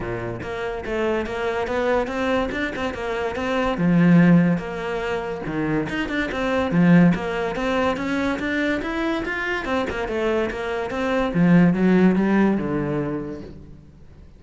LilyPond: \new Staff \with { instrumentName = "cello" } { \time 4/4 \tempo 4 = 143 ais,4 ais4 a4 ais4 | b4 c'4 d'8 c'8 ais4 | c'4 f2 ais4~ | ais4 dis4 dis'8 d'8 c'4 |
f4 ais4 c'4 cis'4 | d'4 e'4 f'4 c'8 ais8 | a4 ais4 c'4 f4 | fis4 g4 d2 | }